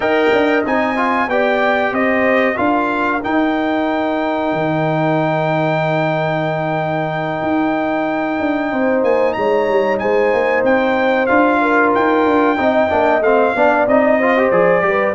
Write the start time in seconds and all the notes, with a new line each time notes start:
0.00 D#4 A#4 D#5 G5
0.32 D4
0.65 C4 D#4 G#5
0.96 F4
1.27 B3 G4 D5 G5
1.92 C4 C5 D#5
2.55 D4 F4 A#4 F5
3.22 D#4 G5
4.52 D#3
7.42 D#4
8.39 D4
8.71 C4 C5
9.03 A#3 G#5
9.33 G#3 C#5 A#5
9.68 G3
9.98 G#3 C5 G#5
10.33 A#3
10.63 C4 G5
11.26 D4 F4 F5
11.61 A#4
11.94 D#4 G5
12.25 D4
12.56 C4 D#4 D#5
12.89 A#3 D4
13.20 A3 C4 F5
13.55 B3 D4 D5
13.86 C4 D#4 D#5
14.18 F4 C5
14.37 G4
14.50 F3 G#4 D5
14.81 G3 G4
14.88 B4